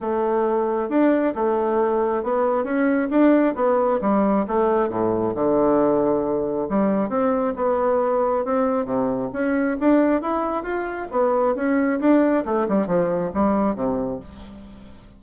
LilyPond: \new Staff \with { instrumentName = "bassoon" } { \time 4/4 \tempo 4 = 135 a2 d'4 a4~ | a4 b4 cis'4 d'4 | b4 g4 a4 a,4 | d2. g4 |
c'4 b2 c'4 | c4 cis'4 d'4 e'4 | f'4 b4 cis'4 d'4 | a8 g8 f4 g4 c4 | }